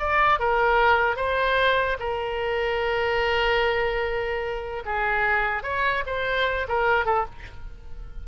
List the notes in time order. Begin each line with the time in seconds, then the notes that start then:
0.00 D5
0.40 A#4
1.17 C5
2.00 A#4
4.86 G#4
5.64 C#5
6.06 C5
6.69 A#4
7.06 A4